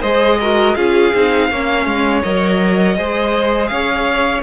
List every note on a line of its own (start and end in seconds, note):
0.00 0.75 G#3
0.00 0.40 G#4
0.00 0.37 C5
0.00 0.75 D#5
0.40 0.76 F#4
0.40 0.76 A#4
0.75 1.12 C#4
0.75 1.12 F4
0.75 1.50 G#4
0.75 2.21 F5
1.13 1.50 C4
1.13 1.51 D#4
1.50 1.85 A#3
1.50 2.24 C#4
1.50 2.97 C#5
1.85 2.22 G#3
2.23 2.97 F#3
2.23 2.96 A#4
2.23 3.67 D#5
2.96 3.70 G#3
2.96 4.42 G#4
2.96 3.70 C5
3.67 4.42 C#4
3.67 4.42 C#5
3.67 4.40 F5